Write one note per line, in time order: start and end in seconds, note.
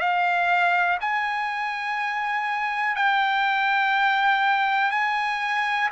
0.00 0.98 F5
1.01 2.96 G#5
2.96 4.91 G5
4.91 5.90 G#5